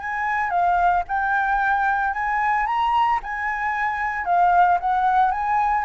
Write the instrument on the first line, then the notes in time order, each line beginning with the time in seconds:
flute
0.00 G#5
0.50 F5
1.09 G5
2.14 G#5
2.67 A#5
3.23 G#5
4.26 F5
4.81 F#5
5.32 G#5